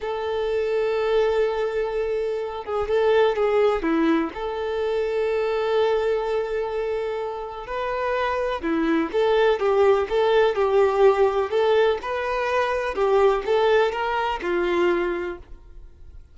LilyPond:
\new Staff \with { instrumentName = "violin" } { \time 4/4 \tempo 4 = 125 a'1~ | a'4. gis'8 a'4 gis'4 | e'4 a'2.~ | a'1 |
b'2 e'4 a'4 | g'4 a'4 g'2 | a'4 b'2 g'4 | a'4 ais'4 f'2 | }